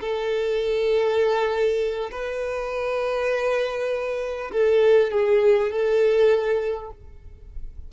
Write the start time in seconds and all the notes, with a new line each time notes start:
0.00 A4
2.11 B4
4.51 A4
5.11 G#4
5.70 A4